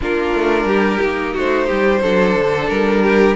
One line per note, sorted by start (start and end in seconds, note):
0.01 0.33 A#3
0.01 0.99 D4
0.01 0.67 F4
0.01 1.37 A#4
0.33 0.64 A3
0.64 0.98 G3
0.64 1.33 G4
0.99 1.35 A#3
0.99 2.00 D#4
1.33 1.69 A3
1.33 1.66 F#4
1.33 2.68 C5
1.66 2.03 G3
1.66 2.00 G4
2.01 2.35 F#3
2.01 3.36 D4
2.01 3.02 A4
2.35 2.69 D3
2.68 3.36 G3
2.68 3.36 A#4
3.03 3.36 G4